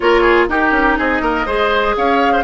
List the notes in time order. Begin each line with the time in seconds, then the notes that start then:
0.00 A#3 F4 A#4 C#5
0.21 G#4
0.48 D#4 G4 A#4
0.71 C#4
0.98 C4 G#4 D#5
1.21 A#3 A#4
1.46 G#3 G#4 C5
1.96 C#4 C#5 F5
2.32 C5